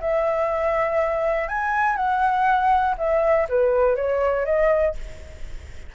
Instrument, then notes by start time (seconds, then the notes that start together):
flute
0.00 E5
1.48 G#5
1.96 F#5
2.98 E5
3.49 B4
3.96 C#5
4.45 D#5